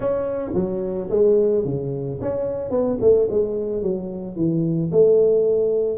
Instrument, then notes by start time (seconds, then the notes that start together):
tuba
0.00 C#4
0.54 F#3
1.10 G#3
1.64 C#3
2.21 C#4
2.70 B3
3.00 A3
3.30 G#3
3.82 F#3
4.36 E3
4.91 A3